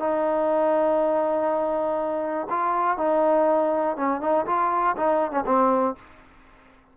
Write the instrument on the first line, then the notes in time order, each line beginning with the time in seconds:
trombone
0.00 D#4
2.50 F4
2.98 D#4
3.97 C#4
4.22 D#4
4.47 F4
4.97 D#4
5.32 C#4
5.46 C4